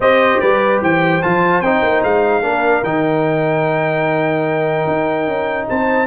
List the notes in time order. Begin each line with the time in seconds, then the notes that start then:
0.00 C4 G4 C5 D#5
0.40 G3 B4 D5
0.81 E3 C5 G5
1.22 F3 F4 A5
1.61 C4 D#4 G5
1.82 A#3
2.03 G#3 F5
2.42 A#3 D4 A#4
2.83 D#3 D#4 G5
4.87 D#4
5.27 C#4
5.68 C4 C5 A5